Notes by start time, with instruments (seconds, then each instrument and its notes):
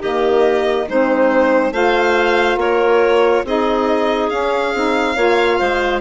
0.00 bassoon D#3, saxophone A#3, clarinet G4, violin D#5
0.88 bassoon G#3, saxophone C4, clarinet D#4, violin C5
1.71 bassoon A3, saxophone F4, clarinet C5, violin F5
2.56 bassoon A#3, clarinet A#4, violin C#5
3.44 bassoon C4, saxophone D#4, clarinet G#4, violin D#5
4.29 saxophone C#4, bassoon C#4, violin F5
4.74 bassoon C4, saxophone D#4
5.15 bassoon A#3, saxophone F4, clarinet C#5
5.58 bassoon G#3, clarinet C5